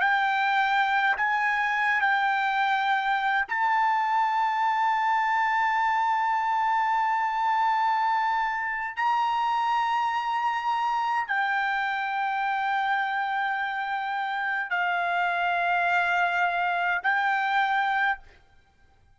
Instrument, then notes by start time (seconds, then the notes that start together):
trumpet
0.00 G5
1.16 G#5
2.01 G5
3.48 A5
8.96 A#5
11.27 G5
14.70 F5
17.02 G5